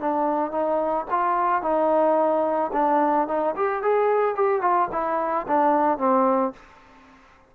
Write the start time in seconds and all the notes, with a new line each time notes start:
0.00 D4
0.51 D#4
1.10 F4
1.62 D#4
2.73 D4
3.28 D#4
3.56 G4
3.82 G#4
4.35 G4
4.61 F4
4.92 E4
5.47 D4
5.98 C4